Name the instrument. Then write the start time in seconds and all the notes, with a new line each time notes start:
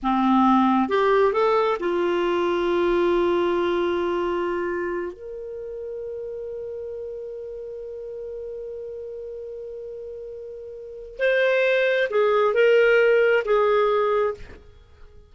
clarinet
0.02 C4
0.88 G4
1.32 A4
1.79 F4
5.13 A#4
11.18 C5
12.10 G#4
12.54 A#4
13.45 G#4